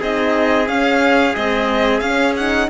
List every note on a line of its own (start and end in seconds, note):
0.00 0.69 C4
0.00 0.67 D#4
0.00 2.70 G#4
0.00 0.69 D#5
0.67 1.34 C#4
0.67 1.36 C#4
0.67 1.36 F5
1.36 2.03 G#3
1.36 2.02 C4
1.36 2.00 D#5
2.00 2.69 C#4
2.00 2.36 C#4
2.00 2.34 F5
2.37 2.70 D#4
2.37 2.70 F#5